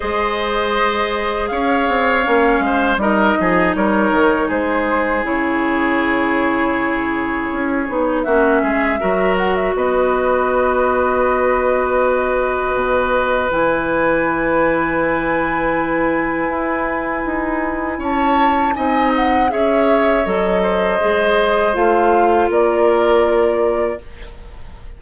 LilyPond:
<<
  \new Staff \with { instrumentName = "flute" } { \time 4/4 \tempo 4 = 80 dis''2 f''2 | dis''4 cis''4 c''4 cis''4~ | cis''2. e''4~ | e''8 fis''16 e''16 dis''2.~ |
dis''2 gis''2~ | gis''1 | a''4 gis''8 fis''8 e''4 dis''4~ | dis''4 f''4 d''2 | }
  \new Staff \with { instrumentName = "oboe" } { \time 4/4 c''2 cis''4. c''8 | ais'8 gis'8 ais'4 gis'2~ | gis'2. fis'8 gis'8 | ais'4 b'2.~ |
b'1~ | b'1 | cis''4 dis''4 cis''4. c''8~ | c''2 ais'2 | }
  \new Staff \with { instrumentName = "clarinet" } { \time 4/4 gis'2. cis'4 | dis'2. e'4~ | e'2~ e'8 dis'8 cis'4 | fis'1~ |
fis'2 e'2~ | e'1~ | e'4 dis'4 gis'4 a'4 | gis'4 f'2. | }
  \new Staff \with { instrumentName = "bassoon" } { \time 4/4 gis2 cis'8 c'8 ais8 gis8 | g8 f8 g8 dis8 gis4 cis4~ | cis2 cis'8 b8 ais8 gis8 | fis4 b2.~ |
b4 b,4 e2~ | e2 e'4 dis'4 | cis'4 c'4 cis'4 fis4 | gis4 a4 ais2 | }
>>